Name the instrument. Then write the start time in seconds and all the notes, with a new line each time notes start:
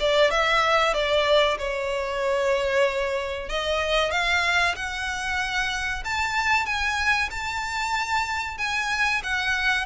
violin
0.00 D5
0.31 E5
0.94 D5
1.59 C#5
3.49 D#5
4.11 F5
4.76 F#5
6.05 A5
6.66 G#5
7.31 A5
8.58 G#5
9.23 F#5